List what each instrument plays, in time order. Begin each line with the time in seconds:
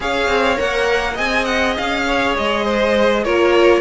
0.00 cello C#4, viola G#4, violin C#5 F5
0.27 cello C4
0.56 cello A#3, viola A#4, violin F#5
1.13 cello C4, viola G#4, violin D#5 G#5
1.44 violin F#5
1.77 cello C#4, violin F5
2.06 violin C#5
2.36 cello G#3, violin D#5
2.65 violin C5
3.24 cello A#3, viola F4, violin A#4 C#5